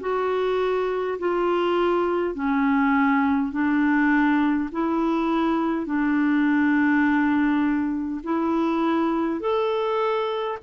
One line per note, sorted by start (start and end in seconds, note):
0.00 1.18 F#4
1.19 2.34 F4
2.34 3.52 C#4
3.52 4.70 D4
4.72 5.86 E4
5.86 8.21 D4
8.23 9.40 E4
9.40 10.58 A4